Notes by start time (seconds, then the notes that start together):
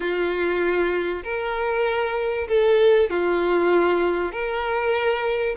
0.00 F4
1.23 A#4
2.47 A4
3.10 F4
4.32 A#4